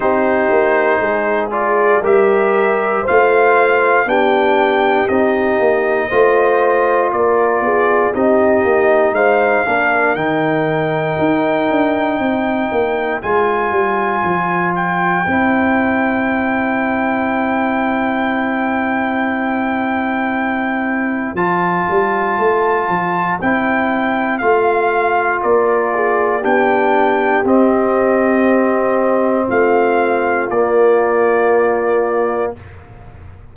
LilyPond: <<
  \new Staff \with { instrumentName = "trumpet" } { \time 4/4 \tempo 4 = 59 c''4. d''8 e''4 f''4 | g''4 dis''2 d''4 | dis''4 f''4 g''2~ | g''4 gis''4. g''4.~ |
g''1~ | g''4 a''2 g''4 | f''4 d''4 g''4 dis''4~ | dis''4 f''4 d''2 | }
  \new Staff \with { instrumentName = "horn" } { \time 4/4 g'4 gis'4 ais'4 c''4 | g'2 c''4 ais'8 gis'8 | g'4 c''8 ais'2~ ais'8 | c''1~ |
c''1~ | c''1~ | c''4 ais'8 gis'8 g'2~ | g'4 f'2. | }
  \new Staff \with { instrumentName = "trombone" } { \time 4/4 dis'4. f'8 g'4 f'4 | d'4 dis'4 f'2 | dis'4. d'8 dis'2~ | dis'4 f'2 e'4~ |
e'1~ | e'4 f'2 e'4 | f'2 d'4 c'4~ | c'2 ais2 | }
  \new Staff \with { instrumentName = "tuba" } { \time 4/4 c'8 ais8 gis4 g4 a4 | b4 c'8 ais8 a4 ais8 b8 | c'8 ais8 gis8 ais8 dis4 dis'8 d'8 | c'8 ais8 gis8 g8 f4 c'4~ |
c'1~ | c'4 f8 g8 a8 f8 c'4 | a4 ais4 b4 c'4~ | c'4 a4 ais2 | }
>>